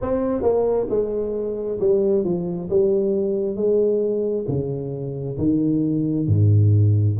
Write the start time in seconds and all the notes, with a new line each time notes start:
0.01 C4
0.42 A#3
0.89 G#3
1.80 G3
2.24 F3
2.70 G3
3.55 G#3
4.48 C#3
5.37 D#3
6.27 G#2